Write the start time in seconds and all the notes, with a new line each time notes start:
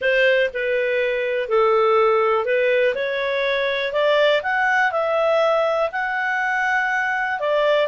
0.01 C5
0.53 B4
1.49 A4
2.45 B4
2.94 C#5
3.92 D5
4.42 F#5
4.91 E5
5.92 F#5
7.39 D5